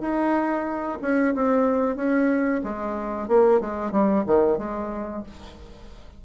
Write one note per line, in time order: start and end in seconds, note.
0.00 0.98 D#4
1.01 1.34 C#4
1.34 1.95 C4
1.95 2.61 C#4
2.63 3.28 G#3
3.28 3.60 A#3
3.60 3.91 G#3
3.91 4.24 G3
4.26 4.58 D#3
4.58 5.23 G#3